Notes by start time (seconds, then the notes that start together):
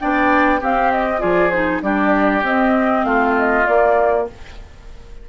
0.00 B3 D4 D5 G5
0.60 C4 G4 F5
0.92 D#5
1.19 F3 F4 G#4 D5
1.51 D#4 C5
1.82 G3 D4 G4 D5
2.43 C4 D#5
3.05 A3 F4 F5
3.38 D#5
3.66 A#3 D5